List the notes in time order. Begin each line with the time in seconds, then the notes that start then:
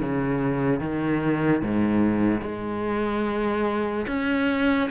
0.00 C#3
0.80 D#3
1.62 G#2
2.41 G#3
4.07 C#4